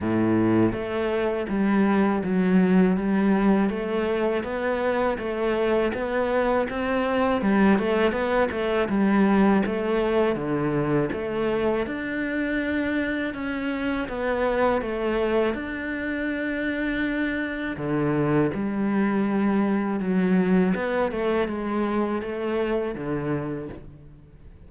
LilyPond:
\new Staff \with { instrumentName = "cello" } { \time 4/4 \tempo 4 = 81 a,4 a4 g4 fis4 | g4 a4 b4 a4 | b4 c'4 g8 a8 b8 a8 | g4 a4 d4 a4 |
d'2 cis'4 b4 | a4 d'2. | d4 g2 fis4 | b8 a8 gis4 a4 d4 | }